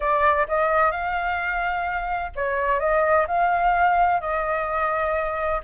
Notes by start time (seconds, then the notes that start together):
0.00 D5
0.48 D#5
0.91 F5
2.35 C#5
2.79 D#5
3.27 F5
4.20 D#5